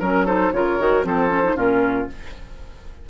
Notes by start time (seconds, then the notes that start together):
0.00 F#3 C#4 A#4
0.26 D#4 A4 C5
0.53 C#3 F4 A#4 C#5
0.79 D#3 F#4
1.04 F3 C4 A4 C5
1.30 C#4
1.44 D#4
1.56 A#2 C#4 F4 A#4